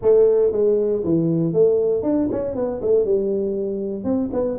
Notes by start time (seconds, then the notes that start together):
0.01 A3
0.52 G#3
1.04 E3
1.53 A3
2.02 D4
2.31 C#4
2.55 B3
2.81 A3
3.04 G3
4.04 C4
4.32 B3